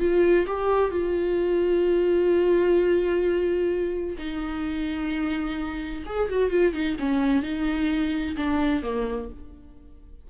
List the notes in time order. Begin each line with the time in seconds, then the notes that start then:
0.00 F4
0.47 G4
0.91 F4
4.18 D#4
6.06 G#4
6.30 F#4
6.51 F4
6.74 D#4
7.00 C#4
7.43 D#4
8.37 D4
8.83 A#3